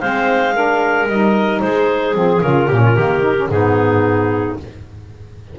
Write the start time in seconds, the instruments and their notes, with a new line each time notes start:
0.00 double bass G#3, saxophone C4, clarinet C5 F5
0.54 saxophone D4, clarinet A#4
1.07 double bass G3, saxophone D#4, clarinet D#5
1.60 double bass G#3, clarinet G#4 C5
2.14 double bass F3, saxophone C4, clarinet G#4
2.41 double bass C#3, saxophone F4, clarinet A#4
2.67 double bass A#2, saxophone C#4, clarinet G4
2.83 clarinet F4
2.96 double bass D#3, saxophone A#3, clarinet G4
3.21 saxophone D#4
3.35 saxophone C#4
3.49 double bass G#2, saxophone B3, clarinet D#4 G#4